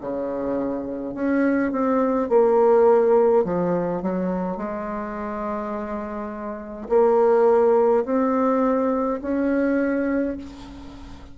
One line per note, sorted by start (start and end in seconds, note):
0.00 1.14 C#3
1.14 1.72 C#4
1.72 2.29 C4
2.29 3.44 A#3
3.44 4.02 F3
4.02 4.57 F#3
4.57 6.88 G#3
6.89 8.04 A#3
8.05 9.20 C4
9.22 10.37 C#4